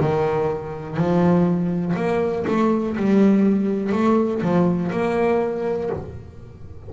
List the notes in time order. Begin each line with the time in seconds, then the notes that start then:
0.00 D#3
0.97 F3
1.96 A#3
2.48 A3
2.97 G3
3.93 A3
4.42 F3
4.92 A#3